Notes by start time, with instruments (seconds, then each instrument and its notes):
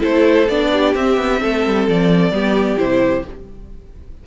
0.00 cello A3, viola E4, violin A4 C5
0.49 cello B3, viola D4, violin D5
0.73 violin G4
0.95 cello C4, viola C4, violin E5
1.17 cello B3
1.41 cello A3, violin A4
1.66 cello G3
1.88 cello F3, violin D5
2.31 cello G3, viola B3, violin G4
2.77 cello C3, viola E4, violin C5